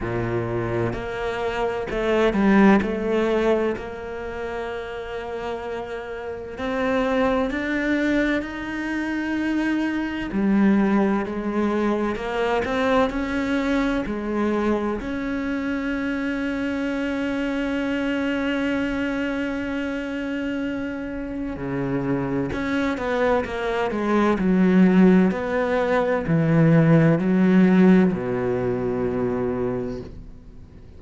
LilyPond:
\new Staff \with { instrumentName = "cello" } { \time 4/4 \tempo 4 = 64 ais,4 ais4 a8 g8 a4 | ais2. c'4 | d'4 dis'2 g4 | gis4 ais8 c'8 cis'4 gis4 |
cis'1~ | cis'2. cis4 | cis'8 b8 ais8 gis8 fis4 b4 | e4 fis4 b,2 | }